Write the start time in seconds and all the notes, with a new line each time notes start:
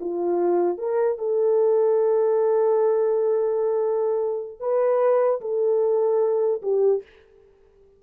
0.00 F4
0.78 A#4
1.18 A4
4.60 B4
5.41 A4
6.62 G4